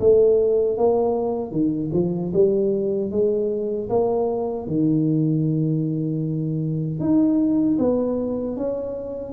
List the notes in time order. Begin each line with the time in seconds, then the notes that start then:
0.00 A3
0.77 A#3
1.52 D#3
1.93 F3
2.33 G3
3.11 G#3
3.89 A#3
4.67 D#3
7.00 D#4
7.79 B3
8.57 C#4